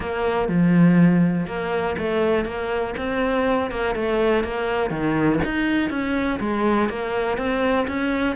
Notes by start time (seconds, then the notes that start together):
0.00 A#3
0.48 F3
1.46 A#3
1.98 A3
2.45 A#3
2.97 C4
3.70 A#3
3.95 A3
4.44 A#3
4.90 D#3
5.44 D#4
5.90 C#4
6.40 G#3
6.89 A#3
7.37 C4
7.87 C#4